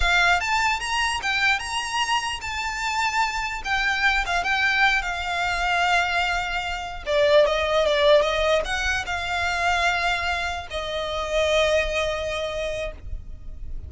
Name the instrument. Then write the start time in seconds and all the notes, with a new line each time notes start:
violin
0.00 F5
0.40 A5
0.80 A#5
1.22 G5
1.59 A#5
2.41 A5
3.64 G5
4.25 F5
4.43 G5
5.02 F5
7.06 D5
7.46 D#5
7.86 D5
8.21 D#5
8.64 F#5
9.06 F5
10.70 D#5